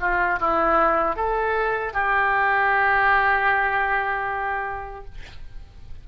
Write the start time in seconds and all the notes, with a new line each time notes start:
0.00 F4
0.40 E4
1.16 A4
1.93 G4